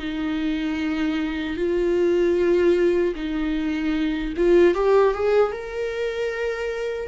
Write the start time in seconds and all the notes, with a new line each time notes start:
0.00 D#4
1.57 F4
3.16 D#4
4.37 F4
4.75 G4
5.15 G#4
5.53 A#4